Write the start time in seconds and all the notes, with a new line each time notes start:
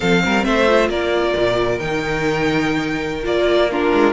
0.00 F3 C4 A4 F5
0.24 G3 A#4
0.44 A3 C5 E5
0.66 F4
0.89 A#3 A#4 D5
1.36 A#2
1.79 D#3 D#4 G5
3.23 A#3 F4 D5
3.70 D4 F4 A#4
3.93 G#3